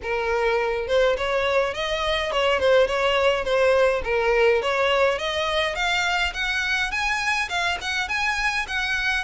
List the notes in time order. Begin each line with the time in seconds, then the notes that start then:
0.02 A#4
0.87 C5
1.17 C#5
1.74 D#5
2.31 C#5
2.59 C5
2.87 C#5
3.44 C5
4.04 A#4
4.62 C#5
5.18 D#5
5.75 F5
6.33 F#5
6.91 G#5
7.49 F5
7.81 F#5
8.08 G#5
8.67 F#5